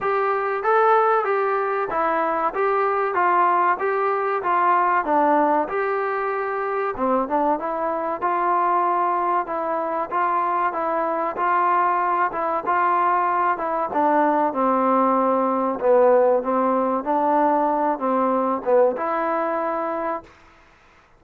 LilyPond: \new Staff \with { instrumentName = "trombone" } { \time 4/4 \tempo 4 = 95 g'4 a'4 g'4 e'4 | g'4 f'4 g'4 f'4 | d'4 g'2 c'8 d'8 | e'4 f'2 e'4 |
f'4 e'4 f'4. e'8 | f'4. e'8 d'4 c'4~ | c'4 b4 c'4 d'4~ | d'8 c'4 b8 e'2 | }